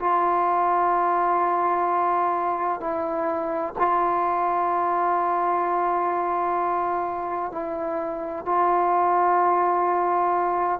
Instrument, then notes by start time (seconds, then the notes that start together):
trombone
0.00 F4
2.80 E4
3.78 F4
7.52 E4
8.45 F4